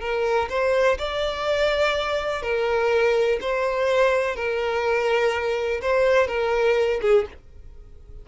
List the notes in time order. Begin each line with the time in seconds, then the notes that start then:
0.00 A#4
0.50 C5
0.98 D5
2.42 A#4
3.41 C5
4.36 A#4
5.82 C5
6.27 A#4
7.02 G#4